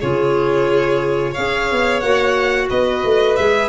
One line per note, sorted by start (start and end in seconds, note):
0.00 1.37 C#3
0.00 1.35 F4
0.00 1.31 G#4
0.00 1.34 C#5
1.31 2.02 G#4
1.31 2.66 C#5
1.31 2.00 F5
1.37 1.71 C#4
1.71 2.02 B3
2.00 2.70 A#3
2.00 3.37 F#4
2.00 2.67 F#5
2.70 3.04 B3
2.70 3.68 B4
2.70 3.36 D#5
3.04 3.38 A3
3.36 3.68 G#3
3.36 3.68 G#4
3.36 3.68 E5